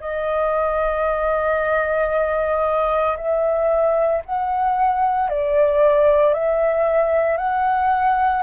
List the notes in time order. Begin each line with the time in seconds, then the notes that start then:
0.00 D#5
3.17 E5
4.25 F#5
5.29 D5
6.33 E5
7.37 F#5